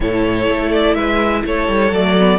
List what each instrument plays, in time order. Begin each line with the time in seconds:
0.00 cello A2, viola E4, violin A4 C#5
0.48 cello A3
0.72 violin D5
0.94 cello G#3, violin B4 E5
1.44 cello A3, violin A4 C#5
1.68 cello G3
1.91 cello F#3, viola A3, violin D5
2.18 viola B3